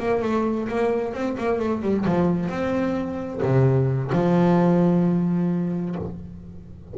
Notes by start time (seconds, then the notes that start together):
0.00 A#3
0.23 A3
0.69 A#3
1.14 C4
1.38 A#3
1.60 A3
1.82 G3
2.06 F3
2.50 C4
3.43 C3
4.13 F3